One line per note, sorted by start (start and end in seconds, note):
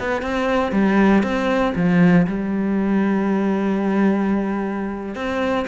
0.00 0.22 B3
0.22 0.73 C4
0.73 1.23 G3
1.23 1.74 C4
1.76 2.27 F3
2.27 5.16 G3
5.16 5.66 C4